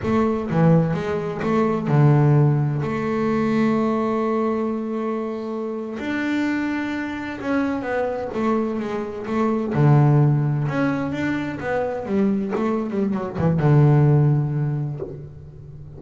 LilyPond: \new Staff \with { instrumentName = "double bass" } { \time 4/4 \tempo 4 = 128 a4 e4 gis4 a4 | d2 a2~ | a1~ | a8. d'2. cis'16~ |
cis'8. b4 a4 gis4 a16~ | a8. d2 cis'4 d'16~ | d'8. b4 g4 a8. g8 | fis8 e8 d2. | }